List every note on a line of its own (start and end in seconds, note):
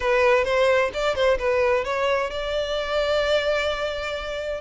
0.00 0.44 B4
0.44 0.90 C5
0.93 1.15 D5
1.15 1.38 C5
1.38 1.84 B4
1.84 2.30 C#5
2.30 4.60 D5